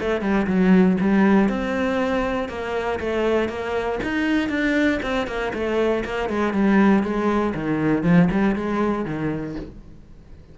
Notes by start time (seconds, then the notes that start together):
0.00 A3
0.21 G3
0.47 F#3
1.00 G3
1.49 C4
2.49 A#3
3.00 A3
3.49 A#3
4.03 D#4
4.49 D4
5.02 C4
5.27 A#3
5.53 A3
6.05 A#3
6.29 G#3
6.53 G3
7.03 G#3
7.54 D#3
8.03 F3
8.31 G3
8.55 G#3
9.05 D#3